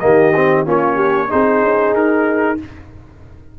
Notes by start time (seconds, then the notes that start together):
0.00 D#3 A#3 G4 D#5
0.35 C4
0.66 A#3 C#4 F4 C#5
0.96 G4
1.30 C4 D#4 G#4 C5
1.62 C#4
1.93 D#4 A#4